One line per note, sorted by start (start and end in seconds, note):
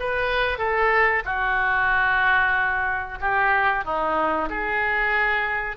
0.00 0.59 B4
0.59 1.23 A4
1.25 3.19 F#4
3.21 3.85 G4
3.85 4.49 D#4
4.50 5.77 G#4